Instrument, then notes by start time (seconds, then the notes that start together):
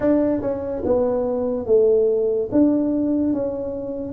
tuba
0.00 D4
0.41 C#4
0.84 B3
1.66 A3
2.52 D4
3.33 C#4